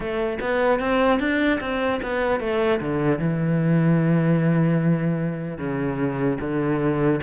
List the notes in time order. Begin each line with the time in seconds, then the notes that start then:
0.00 A3
0.40 B3
0.79 C4
1.19 D4
1.60 C4
2.02 B3
2.40 A3
2.80 D3
3.19 E3
5.57 C#3
6.40 D3